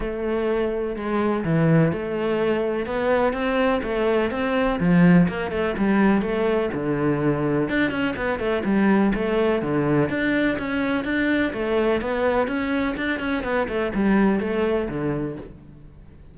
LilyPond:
\new Staff \with { instrumentName = "cello" } { \time 4/4 \tempo 4 = 125 a2 gis4 e4 | a2 b4 c'4 | a4 c'4 f4 ais8 a8 | g4 a4 d2 |
d'8 cis'8 b8 a8 g4 a4 | d4 d'4 cis'4 d'4 | a4 b4 cis'4 d'8 cis'8 | b8 a8 g4 a4 d4 | }